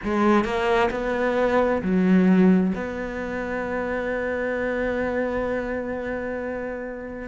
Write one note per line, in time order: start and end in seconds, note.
0.03 0.44 G#3
0.44 0.89 A#3
0.90 1.81 B3
1.82 2.73 F#3
2.74 7.28 B3